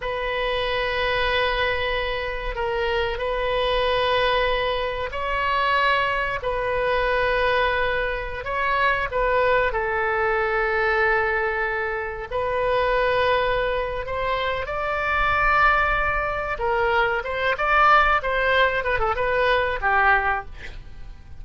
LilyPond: \new Staff \with { instrumentName = "oboe" } { \time 4/4 \tempo 4 = 94 b'1 | ais'4 b'2. | cis''2 b'2~ | b'4~ b'16 cis''4 b'4 a'8.~ |
a'2.~ a'16 b'8.~ | b'2 c''4 d''4~ | d''2 ais'4 c''8 d''8~ | d''8 c''4 b'16 a'16 b'4 g'4 | }